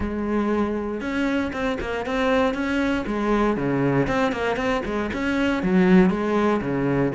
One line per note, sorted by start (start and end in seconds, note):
0.00 1.01 G#3
1.01 1.51 C#4
1.52 1.78 C4
1.80 2.06 A#3
2.06 2.54 C4
2.54 3.04 C#4
3.06 3.56 G#3
3.56 4.07 C#3
4.07 4.32 C4
4.32 4.56 A#3
4.56 4.82 C4
4.85 5.10 G#3
5.13 5.62 C#4
5.62 6.09 F#3
6.09 6.60 G#3
6.61 7.12 C#3